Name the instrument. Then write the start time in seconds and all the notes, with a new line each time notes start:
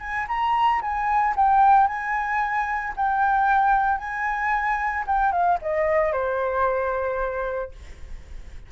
flute
0.00 G#5
0.28 A#5
0.82 G#5
1.36 G5
1.87 G#5
2.96 G5
3.98 G#5
5.07 G5
5.32 F5
5.62 D#5
6.13 C5